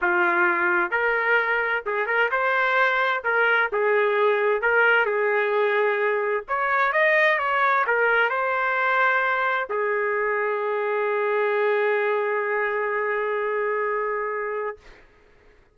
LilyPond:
\new Staff \with { instrumentName = "trumpet" } { \time 4/4 \tempo 4 = 130 f'2 ais'2 | gis'8 ais'8 c''2 ais'4 | gis'2 ais'4 gis'4~ | gis'2 cis''4 dis''4 |
cis''4 ais'4 c''2~ | c''4 gis'2.~ | gis'1~ | gis'1 | }